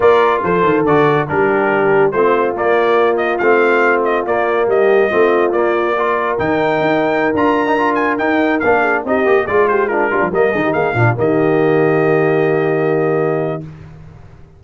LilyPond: <<
  \new Staff \with { instrumentName = "trumpet" } { \time 4/4 \tempo 4 = 141 d''4 c''4 d''4 ais'4~ | ais'4 c''4 d''4. dis''8 | f''4. dis''8 d''4 dis''4~ | dis''4 d''2 g''4~ |
g''4~ g''16 ais''4. gis''8 g''8.~ | g''16 f''4 dis''4 d''8 c''8 ais'8.~ | ais'16 dis''4 f''4 dis''4.~ dis''16~ | dis''1 | }
  \new Staff \with { instrumentName = "horn" } { \time 4/4 ais'4 a'2 g'4~ | g'4 f'2.~ | f'2. g'4 | f'2 ais'2~ |
ais'1~ | ais'8. gis'8 g'4 gis'8 g'8 f'8 d'16~ | d'16 ais'8 gis'16 g'16 gis'8 f'8 g'4.~ g'16~ | g'1 | }
  \new Staff \with { instrumentName = "trombone" } { \time 4/4 f'2 fis'4 d'4~ | d'4 c'4 ais2 | c'2 ais2 | c'4 ais4 f'4 dis'4~ |
dis'4~ dis'16 f'8. dis'16 f'4 dis'8.~ | dis'16 d'4 dis'8 g'8 f'4 d'8 f'16~ | f'16 ais8 dis'4 d'8 ais4.~ ais16~ | ais1 | }
  \new Staff \with { instrumentName = "tuba" } { \time 4/4 ais4 f8 dis8 d4 g4~ | g4 a4 ais2 | a2 ais4 g4 | a4 ais2 dis4 |
dis'4~ dis'16 d'2 dis'8.~ | dis'16 ais4 c'8 ais8 gis4. g16 | f16 g8 dis8 ais8 ais,8 dis4.~ dis16~ | dis1 | }
>>